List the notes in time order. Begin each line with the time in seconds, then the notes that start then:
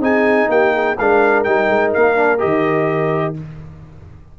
0.00 C4 D#4 G#4 G#5
0.49 A#3 G4 G5
0.73 G#4
0.98 G#3 D4 A#4 F5
1.44 G3 D#4 G5
1.69 G#3
1.94 A#3 F5
2.16 D4
2.38 D#3 G4 D#5